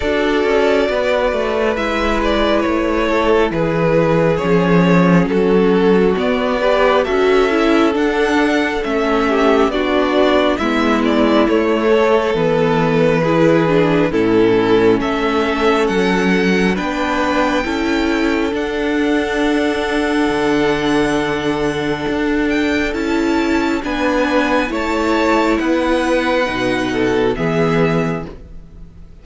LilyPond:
<<
  \new Staff \with { instrumentName = "violin" } { \time 4/4 \tempo 4 = 68 d''2 e''8 d''8 cis''4 | b'4 cis''4 a'4 d''4 | e''4 fis''4 e''4 d''4 | e''8 d''8 cis''4 b'2 |
a'4 e''4 fis''4 g''4~ | g''4 fis''2.~ | fis''4. g''8 a''4 gis''4 | a''4 fis''2 e''4 | }
  \new Staff \with { instrumentName = "violin" } { \time 4/4 a'4 b'2~ b'8 a'8 | gis'2 fis'4. b'8 | a'2~ a'8 g'8 fis'4 | e'4. a'4. gis'4 |
e'4 a'2 b'4 | a'1~ | a'2. b'4 | cis''4 b'4. a'8 gis'4 | }
  \new Staff \with { instrumentName = "viola" } { \time 4/4 fis'2 e'2~ | e'4 cis'2 b8 g'8 | fis'8 e'8 d'4 cis'4 d'4 | b4 a4 b4 e'8 d'8 |
cis'2. d'4 | e'4 d'2.~ | d'2 e'4 d'4 | e'2 dis'4 b4 | }
  \new Staff \with { instrumentName = "cello" } { \time 4/4 d'8 cis'8 b8 a8 gis4 a4 | e4 f4 fis4 b4 | cis'4 d'4 a4 b4 | gis4 a4 e2 |
a,4 a4 fis4 b4 | cis'4 d'2 d4~ | d4 d'4 cis'4 b4 | a4 b4 b,4 e4 | }
>>